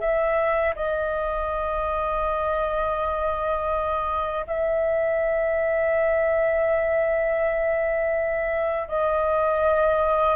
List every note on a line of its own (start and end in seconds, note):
0.00 0.74 E5
0.75 4.46 D#5
4.47 8.88 E5
8.88 10.36 D#5